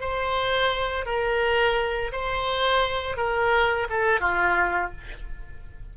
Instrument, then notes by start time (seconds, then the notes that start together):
oboe
0.00 C5
1.06 A#4
2.12 C5
3.17 A#4
3.89 A4
4.20 F4